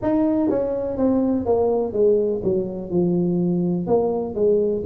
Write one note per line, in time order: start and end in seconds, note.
0.01 0.49 D#4
0.49 0.97 C#4
0.97 1.45 C4
1.45 1.92 A#3
1.92 2.41 G#3
2.43 2.90 F#3
2.90 3.87 F3
3.87 4.34 A#3
4.34 4.83 G#3